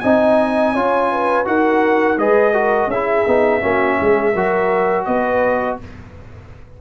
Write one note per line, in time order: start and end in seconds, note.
0.00 0.75 C4
0.00 0.76 D#4
0.00 0.74 D#5
0.00 1.45 G#5
0.74 1.46 C#4
0.74 1.45 F4
0.74 1.10 C#5
1.12 1.48 B4
1.45 2.17 D#4
1.45 2.17 F#4
1.45 2.19 A#4
1.45 2.18 F#5
2.17 2.87 G#3
2.17 2.54 G#4
2.17 2.53 B4
2.17 2.91 D#5
2.53 2.90 F#4
2.53 2.89 A#4
2.87 3.23 C#4
2.87 3.62 G#4
2.87 5.05 E5
2.94 3.27 E4
3.27 3.63 B3
3.27 3.61 D#4
3.61 3.99 A#3
3.61 4.33 C#4
3.61 3.98 F#4
4.01 4.35 G#3
4.01 4.33 G#4
4.33 5.07 F#3
4.33 5.81 F#4
4.33 5.05 A#4
5.05 5.79 B3
5.05 5.79 B4
5.05 5.77 D#5